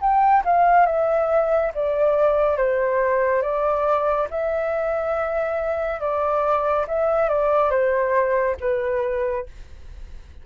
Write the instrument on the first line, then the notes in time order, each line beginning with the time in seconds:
flute
0.00 G5
0.44 F5
0.86 E5
1.74 D5
2.57 C5
3.42 D5
4.30 E5
6.00 D5
6.87 E5
7.28 D5
7.70 C5
8.60 B4